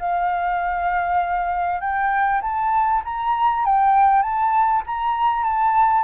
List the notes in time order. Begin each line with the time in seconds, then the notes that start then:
0.00 F5
1.81 G5
2.42 A5
3.05 A#5
3.65 G5
4.22 A5
4.87 A#5
5.44 A5